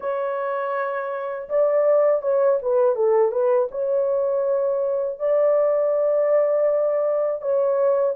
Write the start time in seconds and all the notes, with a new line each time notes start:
0.00 C#5
1.49 D5
2.22 C#5
2.62 B4
2.95 A4
3.31 B4
3.71 C#5
5.19 D5
7.41 C#5